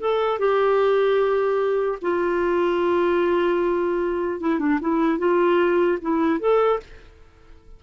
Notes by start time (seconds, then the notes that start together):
0.00 A4
0.39 G4
2.02 F4
4.41 E4
4.59 D4
4.81 E4
5.19 F4
6.02 E4
6.40 A4